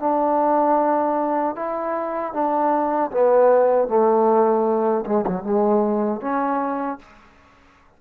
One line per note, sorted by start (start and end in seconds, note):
0.00 1.56 D4
1.56 2.33 E4
2.33 3.11 D4
3.11 3.89 B3
3.89 5.05 A3
5.06 5.26 G#3
5.27 5.43 F#3
5.43 6.21 G#3
6.21 6.99 C#4